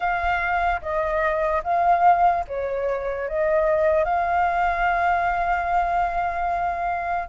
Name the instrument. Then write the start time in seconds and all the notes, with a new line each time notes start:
flute
0.00 F5
0.81 D#5
1.63 F5
2.47 C#5
3.28 D#5
4.04 F5